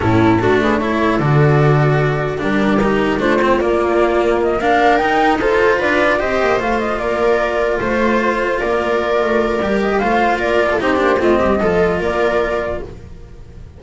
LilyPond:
<<
  \new Staff \with { instrumentName = "flute" } { \time 4/4 \tempo 4 = 150 a'4. b'8 cis''4 d''4~ | d''2 ais'2 | c''4 d''2 dis''8 f''8~ | f''8 g''4 c''4 d''4 dis''8~ |
dis''8 f''8 dis''8 d''2 c''8~ | c''4. d''2~ d''8~ | d''8 dis''8 f''4 d''4 c''4 | dis''2 d''2 | }
  \new Staff \with { instrumentName = "viola" } { \time 4/4 e'4 fis'8 gis'8 a'2~ | a'2 g'2 | f'2.~ f'8 ais'8~ | ais'4. a'4 b'4 c''8~ |
c''4. ais'2 c''8~ | c''4. ais'2~ ais'8~ | ais'4 c''4 ais'8. a'16 g'4 | f'8 g'8 a'4 ais'2 | }
  \new Staff \with { instrumentName = "cello" } { \time 4/4 cis'4 d'4 e'4 fis'4~ | fis'2 d'4 dis'4 | d'8 c'8 ais2~ ais8 d'8~ | d'8 dis'4 f'2 g'8~ |
g'8 f'2.~ f'8~ | f'1 | g'4 f'2 dis'8 d'8 | c'4 f'2. | }
  \new Staff \with { instrumentName = "double bass" } { \time 4/4 a,4 a2 d4~ | d2 g2 | a4 ais2.~ | ais8 dis'2 d'4 c'8 |
ais8 a4 ais2 a8~ | a4. ais4. a4 | g4 a4 ais4 c'8 ais8 | a8 g8 f4 ais2 | }
>>